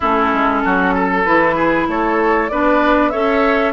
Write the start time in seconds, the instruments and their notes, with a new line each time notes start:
0.00 bassoon A3, clarinet C#4, oboe E4, flute A4
0.33 bassoon G#3
0.64 bassoon F#3, oboe F#4
0.94 oboe A4
1.24 bassoon E3, clarinet E4, flute B4
1.55 oboe G#4
1.87 bassoon A3, oboe A4, flute C#5
2.49 bassoon B3, clarinet D4, oboe B4, flute D5
3.09 bassoon C#4, clarinet A4, oboe C#5, flute E5